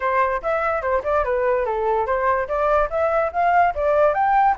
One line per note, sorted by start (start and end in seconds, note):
0.00 0.41 C5
0.42 0.81 E5
0.81 1.02 C5
1.03 1.24 D5
1.24 1.65 B4
1.65 2.06 A4
2.06 2.47 C5
2.47 2.89 D5
2.90 3.31 E5
3.32 3.74 F5
3.74 4.14 D5
4.14 4.55 G5